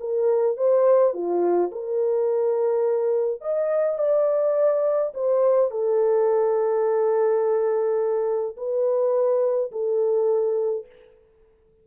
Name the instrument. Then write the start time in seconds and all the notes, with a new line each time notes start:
horn
0.00 A#4
0.57 C5
1.14 F4
1.71 A#4
3.41 D#5
3.98 D5
5.14 C5
5.71 A4
8.57 B4
9.71 A4